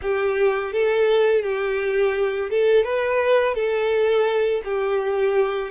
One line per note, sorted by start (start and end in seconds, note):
0.02 0.72 G4
0.72 1.42 A4
1.42 2.49 G4
2.50 2.84 A4
2.84 3.54 B4
3.54 4.61 A4
4.64 5.70 G4